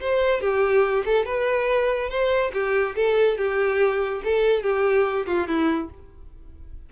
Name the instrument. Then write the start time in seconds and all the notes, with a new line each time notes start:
violin
0.00 C5
0.40 G4
1.05 A4
1.25 B4
2.09 C5
2.53 G4
2.95 A4
3.37 G4
4.24 A4
4.62 G4
5.26 F4
5.47 E4